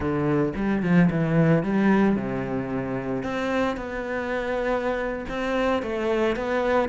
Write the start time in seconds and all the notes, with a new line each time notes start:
0.00 D3
0.56 G3
0.82 F3
1.10 E3
1.63 G3
2.15 C3
3.23 C4
3.76 B3
5.28 C4
5.82 A3
6.36 B3